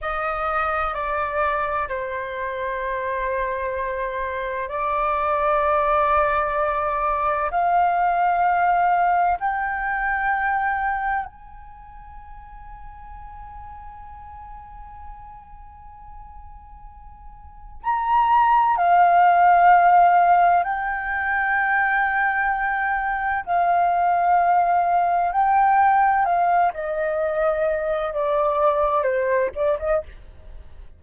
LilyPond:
\new Staff \with { instrumentName = "flute" } { \time 4/4 \tempo 4 = 64 dis''4 d''4 c''2~ | c''4 d''2. | f''2 g''2 | gis''1~ |
gis''2. ais''4 | f''2 g''2~ | g''4 f''2 g''4 | f''8 dis''4. d''4 c''8 d''16 dis''16 | }